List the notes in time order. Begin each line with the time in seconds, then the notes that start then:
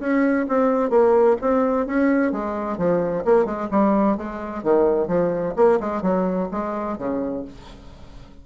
0.00 C#4
0.49 C4
0.90 A#3
1.42 C4
1.87 C#4
2.32 G#3
2.78 F3
3.25 A#3
3.45 G#3
3.71 G3
4.18 G#3
4.63 D#3
5.08 F3
5.56 A#3
5.81 G#3
6.03 F#3
6.52 G#3
6.98 C#3